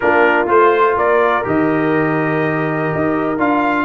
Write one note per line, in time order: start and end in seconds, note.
0.00 0.49 A#3
0.00 0.46 D4
0.00 0.96 F4
0.00 0.47 A#4
0.46 0.96 A3
0.46 1.43 F4
0.46 0.97 C5
0.96 1.45 A#3
0.96 3.85 A#4
0.96 1.46 D5
1.43 2.91 D#3
1.43 3.37 G4
1.43 3.40 D#5
2.94 3.38 D#4
3.38 3.85 D4
3.38 3.85 F4
3.38 3.85 F5